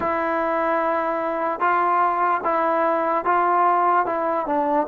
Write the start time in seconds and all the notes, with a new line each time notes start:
0.00 E4
1.60 F4
2.43 E4
3.24 F4
4.05 E4
4.46 D4